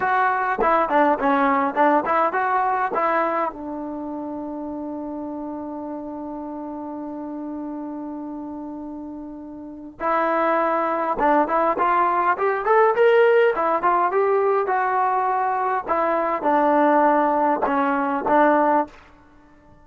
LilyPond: \new Staff \with { instrumentName = "trombone" } { \time 4/4 \tempo 4 = 102 fis'4 e'8 d'8 cis'4 d'8 e'8 | fis'4 e'4 d'2~ | d'1~ | d'1~ |
d'4 e'2 d'8 e'8 | f'4 g'8 a'8 ais'4 e'8 f'8 | g'4 fis'2 e'4 | d'2 cis'4 d'4 | }